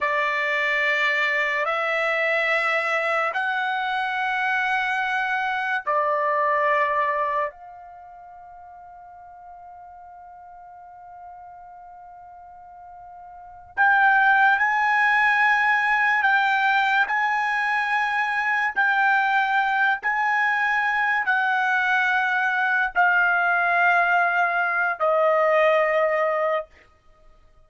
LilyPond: \new Staff \with { instrumentName = "trumpet" } { \time 4/4 \tempo 4 = 72 d''2 e''2 | fis''2. d''4~ | d''4 f''2.~ | f''1~ |
f''8 g''4 gis''2 g''8~ | g''8 gis''2 g''4. | gis''4. fis''2 f''8~ | f''2 dis''2 | }